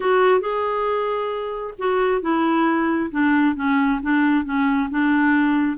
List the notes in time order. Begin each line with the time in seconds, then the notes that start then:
0.00 F#4
0.40 G#4
1.78 F#4
2.21 E4
3.11 D4
3.55 C#4
4.02 D4
4.44 C#4
4.90 D4